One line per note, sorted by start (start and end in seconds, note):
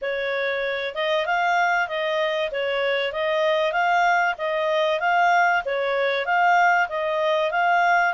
0.01 0.94 C#5
0.94 1.26 D#5
1.26 1.88 F5
1.88 2.50 D#5
2.51 3.12 C#5
3.12 3.72 D#5
3.72 4.34 F5
4.38 5.00 D#5
5.00 5.62 F5
5.65 6.25 C#5
6.25 6.88 F5
6.89 7.51 D#5
7.51 8.13 F5